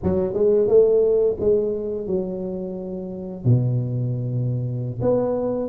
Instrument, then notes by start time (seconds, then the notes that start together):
tuba
0.03 F#3
0.33 G#3
0.67 A3
1.40 G#3
2.07 F#3
3.44 B2
5.01 B3